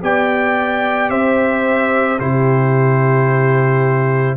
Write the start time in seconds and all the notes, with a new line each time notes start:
0.00 B3 G4 D5 G5
1.09 C4 C5 E5
2.19 C3 E4 G4 C5